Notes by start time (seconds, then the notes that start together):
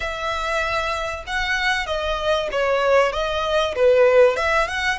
0.00 E5
1.26 F#5
1.86 D#5
2.51 C#5
3.12 D#5
3.75 B4
4.36 E5
4.67 F#5